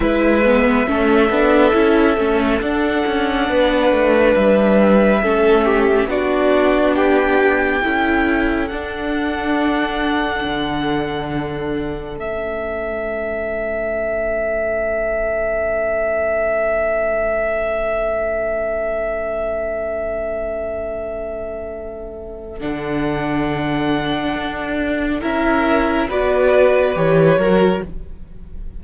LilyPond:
<<
  \new Staff \with { instrumentName = "violin" } { \time 4/4 \tempo 4 = 69 e''2. fis''4~ | fis''4 e''2 d''4 | g''2 fis''2~ | fis''2 e''2~ |
e''1~ | e''1~ | e''2 fis''2~ | fis''4 e''4 d''4 cis''4 | }
  \new Staff \with { instrumentName = "violin" } { \time 4/4 b'4 a'2. | b'2 a'8 g'8 fis'4 | g'4 a'2.~ | a'1~ |
a'1~ | a'1~ | a'1~ | a'4 ais'4 b'4. ais'8 | }
  \new Staff \with { instrumentName = "viola" } { \time 4/4 e'8 b8 cis'8 d'8 e'8 cis'8 d'4~ | d'2 cis'4 d'4~ | d'4 e'4 d'2~ | d'2 cis'2~ |
cis'1~ | cis'1~ | cis'2 d'2~ | d'4 e'4 fis'4 g'8 fis'8 | }
  \new Staff \with { instrumentName = "cello" } { \time 4/4 gis4 a8 b8 cis'8 a8 d'8 cis'8 | b8 a8 g4 a4 b4~ | b4 cis'4 d'2 | d2 a2~ |
a1~ | a1~ | a2 d2 | d'4 cis'4 b4 e8 fis8 | }
>>